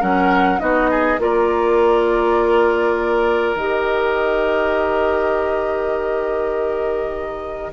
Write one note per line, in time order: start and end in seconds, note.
0.00 0.61 F#3
0.00 0.59 C#4
0.00 0.59 A#4
0.00 0.60 F#5
0.59 1.18 B3
0.59 1.18 D#4
0.59 0.91 F#4
0.59 1.19 D#5
0.91 1.20 G#4
1.18 3.55 A#3
1.18 3.56 F4
1.18 7.73 A#4
1.18 3.56 D5
3.55 7.71 D#3
3.55 7.72 G4
3.55 7.72 D#5